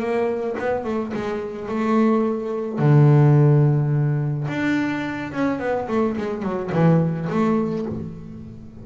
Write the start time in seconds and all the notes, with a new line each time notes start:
0.00 A#3
0.59 B3
0.85 A3
1.14 G#3
1.68 A3
2.79 D3
4.48 D4
5.33 C#4
5.59 B3
5.89 A3
6.17 G#3
6.43 F#3
6.72 E3
7.30 A3